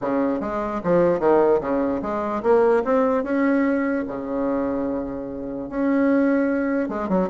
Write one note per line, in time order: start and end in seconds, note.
0.01 0.40 C#3
0.40 0.81 G#3
0.83 1.19 F3
1.19 1.60 D#3
1.60 2.01 C#3
2.01 2.42 G#3
2.42 2.83 A#3
2.84 3.23 C4
3.23 4.04 C#4
4.07 5.69 C#3
5.69 6.88 C#4
6.88 7.08 G#3
7.08 7.29 F#3